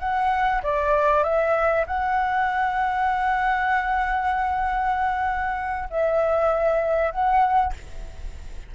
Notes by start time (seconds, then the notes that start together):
0.00 F#5
0.63 D5
1.24 E5
1.87 F#5
5.90 E5
7.12 F#5